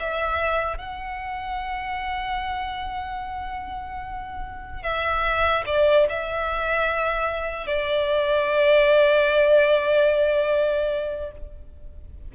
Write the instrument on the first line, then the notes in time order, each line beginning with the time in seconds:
violin
0.00 E5
0.78 F#5
4.83 E5
5.66 D5
6.10 E5
7.67 D5